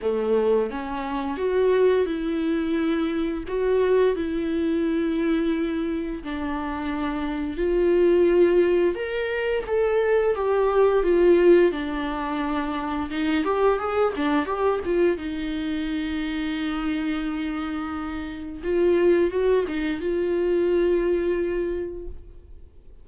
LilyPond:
\new Staff \with { instrumentName = "viola" } { \time 4/4 \tempo 4 = 87 a4 cis'4 fis'4 e'4~ | e'4 fis'4 e'2~ | e'4 d'2 f'4~ | f'4 ais'4 a'4 g'4 |
f'4 d'2 dis'8 g'8 | gis'8 d'8 g'8 f'8 dis'2~ | dis'2. f'4 | fis'8 dis'8 f'2. | }